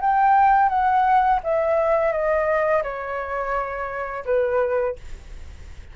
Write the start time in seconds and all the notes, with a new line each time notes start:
0.00 G5
0.69 F#5
1.43 E5
2.11 D#5
2.82 C#5
4.25 B4